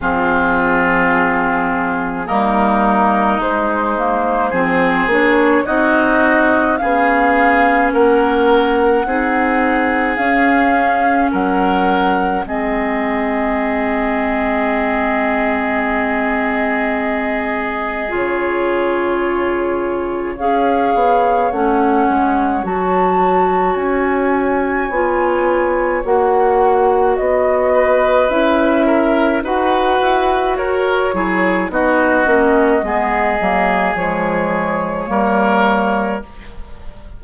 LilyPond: <<
  \new Staff \with { instrumentName = "flute" } { \time 4/4 \tempo 4 = 53 gis'2 ais'4 c''4~ | c''8 cis''8 dis''4 f''4 fis''4~ | fis''4 f''4 fis''4 dis''4~ | dis''1 |
cis''2 f''4 fis''4 | a''4 gis''2 fis''4 | dis''4 e''4 fis''4 cis''4 | dis''2 cis''2 | }
  \new Staff \with { instrumentName = "oboe" } { \time 4/4 f'2 dis'2 | gis'4 fis'4 gis'4 ais'4 | gis'2 ais'4 gis'4~ | gis'1~ |
gis'2 cis''2~ | cis''1~ | cis''8 b'4 ais'8 b'4 ais'8 gis'8 | fis'4 gis'2 ais'4 | }
  \new Staff \with { instrumentName = "clarinet" } { \time 4/4 c'2 ais4 gis8 ais8 | c'8 d'8 dis'4 cis'2 | dis'4 cis'2 c'4~ | c'1 |
f'2 gis'4 cis'4 | fis'2 f'4 fis'4~ | fis'4 e'4 fis'4. e'8 | dis'8 cis'8 b8 ais8 gis4 ais4 | }
  \new Staff \with { instrumentName = "bassoon" } { \time 4/4 f2 g4 gis4 | f8 ais8 c'4 b4 ais4 | c'4 cis'4 fis4 gis4~ | gis1 |
cis2 cis'8 b8 a8 gis8 | fis4 cis'4 b4 ais4 | b4 cis'4 dis'8 e'8 fis'8 fis8 | b8 ais8 gis8 fis8 f4 g4 | }
>>